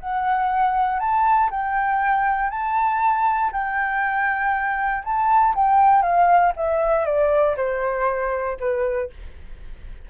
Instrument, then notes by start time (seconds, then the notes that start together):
flute
0.00 F#5
1.00 A5
1.51 G5
2.50 A5
3.52 G5
5.05 A5
5.55 G5
6.02 F5
6.57 E5
7.06 D5
7.57 C5
8.60 B4